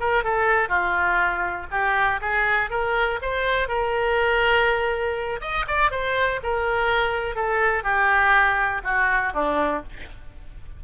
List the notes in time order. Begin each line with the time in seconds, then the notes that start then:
0.00 A#4
0.24 A4
0.69 F4
1.71 G4
2.22 G#4
2.71 A#4
3.22 C5
3.68 A#4
5.41 D#5
5.68 D5
5.92 C5
6.43 A#4
7.36 A4
7.84 G4
8.84 F#4
9.34 D4